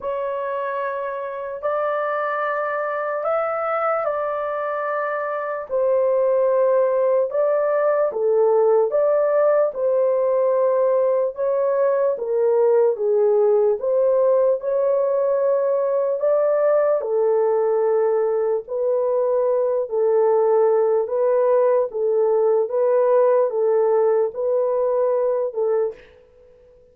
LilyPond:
\new Staff \with { instrumentName = "horn" } { \time 4/4 \tempo 4 = 74 cis''2 d''2 | e''4 d''2 c''4~ | c''4 d''4 a'4 d''4 | c''2 cis''4 ais'4 |
gis'4 c''4 cis''2 | d''4 a'2 b'4~ | b'8 a'4. b'4 a'4 | b'4 a'4 b'4. a'8 | }